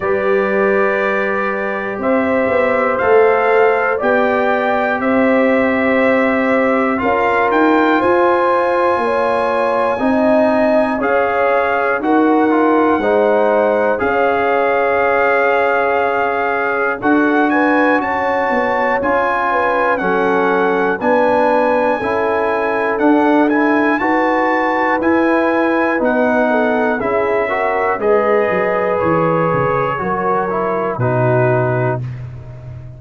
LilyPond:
<<
  \new Staff \with { instrumentName = "trumpet" } { \time 4/4 \tempo 4 = 60 d''2 e''4 f''4 | g''4 e''2 f''8 g''8 | gis''2. f''4 | fis''2 f''2~ |
f''4 fis''8 gis''8 a''4 gis''4 | fis''4 gis''2 fis''8 gis''8 | a''4 gis''4 fis''4 e''4 | dis''4 cis''2 b'4 | }
  \new Staff \with { instrumentName = "horn" } { \time 4/4 b'2 c''2 | d''4 c''2 ais'4 | c''4 cis''4 dis''4 cis''4 | ais'4 c''4 cis''2~ |
cis''4 a'8 b'8 cis''4. b'8 | a'4 b'4 a'2 | b'2~ b'8 a'8 gis'8 ais'8 | b'2 ais'4 fis'4 | }
  \new Staff \with { instrumentName = "trombone" } { \time 4/4 g'2. a'4 | g'2. f'4~ | f'2 dis'4 gis'4 | fis'8 f'8 dis'4 gis'2~ |
gis'4 fis'2 f'4 | cis'4 d'4 e'4 d'8 e'8 | fis'4 e'4 dis'4 e'8 fis'8 | gis'2 fis'8 e'8 dis'4 | }
  \new Staff \with { instrumentName = "tuba" } { \time 4/4 g2 c'8 b8 a4 | b4 c'2 cis'8 dis'8 | f'4 ais4 c'4 cis'4 | dis'4 gis4 cis'2~ |
cis'4 d'4 cis'8 b8 cis'4 | fis4 b4 cis'4 d'4 | dis'4 e'4 b4 cis'4 | gis8 fis8 e8 cis8 fis4 b,4 | }
>>